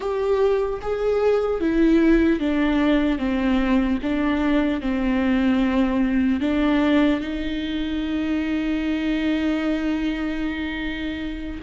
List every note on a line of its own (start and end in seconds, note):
0.00 0.80 G4
0.81 1.60 G#4
1.60 2.39 E4
2.39 3.18 D4
3.18 3.98 C4
4.02 4.80 D4
4.80 6.40 C4
6.40 7.20 D4
7.20 11.60 D#4